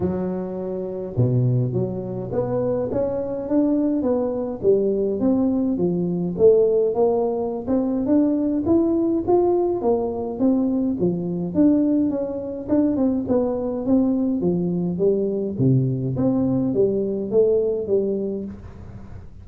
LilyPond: \new Staff \with { instrumentName = "tuba" } { \time 4/4 \tempo 4 = 104 fis2 b,4 fis4 | b4 cis'4 d'4 b4 | g4 c'4 f4 a4 | ais4~ ais16 c'8. d'4 e'4 |
f'4 ais4 c'4 f4 | d'4 cis'4 d'8 c'8 b4 | c'4 f4 g4 c4 | c'4 g4 a4 g4 | }